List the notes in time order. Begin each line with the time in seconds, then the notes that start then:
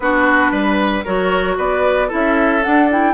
0.00 B3 D4 F#4 B4
0.51 G3 B4
1.04 F#3 F#4 A#4 C#5
1.57 B3 B4 D5
2.08 C#4 E4 A4 E5
2.62 D4 F#5
2.91 E4 G5